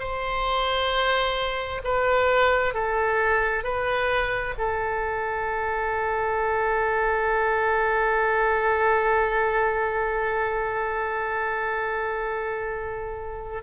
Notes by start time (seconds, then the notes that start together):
0.00 C5
1.84 B4
2.74 A4
3.64 B4
4.58 A4